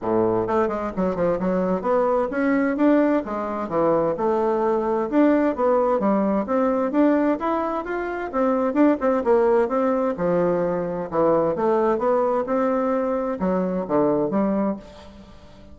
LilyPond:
\new Staff \with { instrumentName = "bassoon" } { \time 4/4 \tempo 4 = 130 a,4 a8 gis8 fis8 f8 fis4 | b4 cis'4 d'4 gis4 | e4 a2 d'4 | b4 g4 c'4 d'4 |
e'4 f'4 c'4 d'8 c'8 | ais4 c'4 f2 | e4 a4 b4 c'4~ | c'4 fis4 d4 g4 | }